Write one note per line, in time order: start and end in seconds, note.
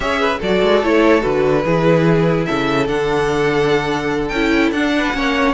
0.00 0.37 C#4
0.00 0.40 G#4
0.00 0.20 C#5
0.00 0.39 E5
0.20 0.39 B4
0.39 0.62 F#3
0.39 0.83 F#4
0.39 1.63 A4
0.39 0.83 D5
0.62 0.81 G#3
0.81 1.23 A3
0.81 1.21 E4
0.81 1.22 C#5
1.21 1.64 D3
1.21 1.62 F#4
1.21 2.45 B4
1.64 2.46 E3
1.64 2.86 E4
1.64 2.46 G#4
2.45 2.88 C#3
2.45 4.93 A4
2.45 2.86 E5
2.86 4.31 D3
2.86 4.30 D4
2.86 4.28 F#5
4.28 4.71 C#4
4.28 4.69 G5
4.34 4.74 E4
4.71 5.12 D4
4.71 5.13 D4
4.71 5.53 F#5
4.97 5.16 B4
5.13 5.53 A#3
5.13 5.53 C#4
5.13 5.53 C#5